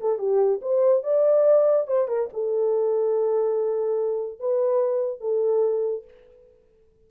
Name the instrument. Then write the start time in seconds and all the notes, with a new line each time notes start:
horn
0.00 A4
0.18 G4
0.61 C5
1.03 D5
1.87 C5
2.08 A#4
2.33 A4
4.39 B4
5.20 A4